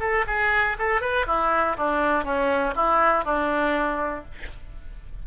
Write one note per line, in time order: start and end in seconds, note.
0.00 0.25 A4
0.27 0.77 G#4
0.79 1.01 A4
1.01 1.26 B4
1.27 1.77 E4
1.77 2.24 D4
2.24 2.74 C#4
2.76 3.25 E4
3.25 4.25 D4